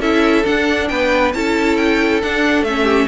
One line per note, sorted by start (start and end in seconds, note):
0.00 0.44 C#4
0.00 0.44 E4
0.00 0.89 A4
0.00 0.46 E5
0.44 1.33 D4
0.44 0.90 D4
0.44 0.88 F#5
0.88 1.35 B3
0.88 1.36 B4
0.88 1.32 G5
1.34 2.23 C#4
1.34 2.23 E4
1.34 2.83 A4
1.34 1.77 A5
1.77 2.21 G5
2.23 2.67 D4
2.23 2.62 D4
2.23 2.65 F#5
2.62 3.07 A3
2.62 3.09 C#4
2.62 3.09 E5
2.83 3.06 G4